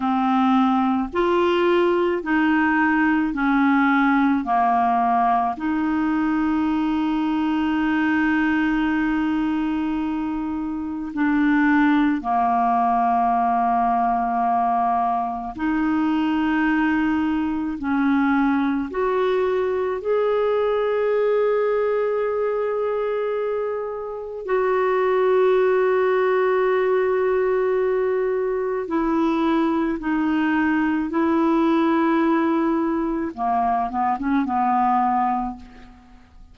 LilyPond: \new Staff \with { instrumentName = "clarinet" } { \time 4/4 \tempo 4 = 54 c'4 f'4 dis'4 cis'4 | ais4 dis'2.~ | dis'2 d'4 ais4~ | ais2 dis'2 |
cis'4 fis'4 gis'2~ | gis'2 fis'2~ | fis'2 e'4 dis'4 | e'2 ais8 b16 cis'16 b4 | }